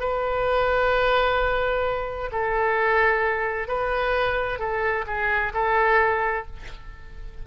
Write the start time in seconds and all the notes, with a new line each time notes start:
0.00 B4
2.32 A4
3.68 B4
4.59 A4
5.07 G#4
5.54 A4